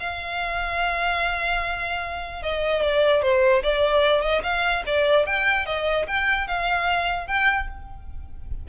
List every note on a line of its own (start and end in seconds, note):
0.00 2.43 F5
2.43 2.82 D#5
2.82 3.22 D5
3.22 3.63 C5
3.63 4.21 D5
4.21 4.42 D#5
4.43 4.84 F5
4.86 5.26 D5
5.26 5.66 G5
5.66 6.06 D#5
6.07 6.48 G5
6.48 7.27 F5
7.27 7.68 G5